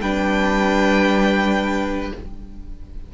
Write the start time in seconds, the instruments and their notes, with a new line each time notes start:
0.00 cello G3, viola D4, violin B4 G5